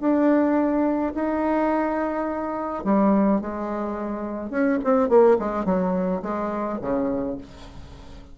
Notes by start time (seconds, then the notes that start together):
0.00 D4
1.14 D#4
2.85 G3
3.41 G#3
4.51 C#4
4.84 C4
5.09 A#3
5.39 G#3
5.65 F#3
6.22 G#3
6.82 C#3